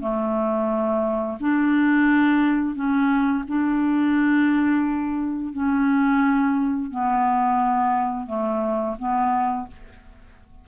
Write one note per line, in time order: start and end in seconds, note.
0.00 1.38 A3
1.40 2.75 D4
2.75 3.44 C#4
3.48 5.52 D4
5.52 6.90 C#4
6.91 8.27 B3
8.27 8.96 A3
8.98 9.67 B3